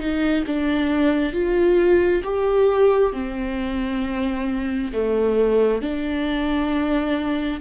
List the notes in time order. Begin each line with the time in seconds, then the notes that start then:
0.00 D#4
0.47 D4
1.33 F4
2.24 G4
3.13 C4
4.93 A3
5.82 D4